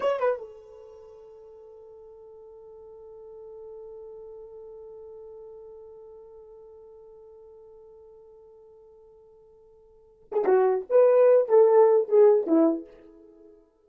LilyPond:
\new Staff \with { instrumentName = "horn" } { \time 4/4 \tempo 4 = 149 cis''8 b'8 a'2.~ | a'1~ | a'1~ | a'1~ |
a'1~ | a'1~ | a'4. gis'8 fis'4 b'4~ | b'8 a'4. gis'4 e'4 | }